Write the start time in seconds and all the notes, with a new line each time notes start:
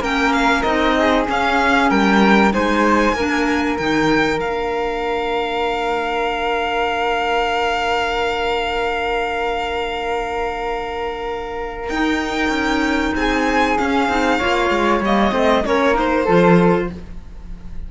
0.00 A#3 C#4 A#4 G5
0.33 F5
0.62 C4 D#4 D#5
0.99 G#4
1.27 C#4 F5
1.90 G3 A#4 G5
2.52 G#3 D#4 C5 G#5
3.13 A#3 A#4
3.19 D4
3.77 D#3 D#4 G5
4.39 A#3 D4 F5
11.89 D#4 G5
12.49 C#4
13.15 C4 G#4 G#5
13.78 C#4 F5
14.09 C4 D#4
14.39 A#3 F4 C#5
14.70 G#3
15.01 G3 A#3 D#5
15.31 A3 C4 C5
15.65 A#3 C#4 A#4 C#5
15.94 D#4 C5
16.24 F3 F4 A4